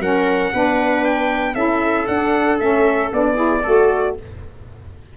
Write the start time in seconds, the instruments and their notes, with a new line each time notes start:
0.00 tuba F#3, saxophone C#4, viola A#4, trumpet F#5
0.53 tuba B3, saxophone D4, viola B4
1.05 trumpet G5
1.55 tuba C#4, saxophone E4, viola A4, trumpet E5
2.07 tuba D4, saxophone D4, trumpet F#5
2.60 tuba A3, saxophone C#4, trumpet E5
3.13 tuba B3, saxophone D4, trumpet D5
3.36 saxophone E4, viola G#4
3.63 tuba A3, saxophone F#4, viola A4